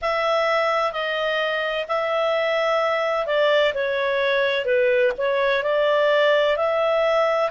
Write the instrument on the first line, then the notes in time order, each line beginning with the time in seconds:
clarinet
0.01 E5
0.92 D#5
1.87 E5
3.26 D5
3.74 C#5
4.64 B4
5.17 C#5
5.63 D5
6.56 E5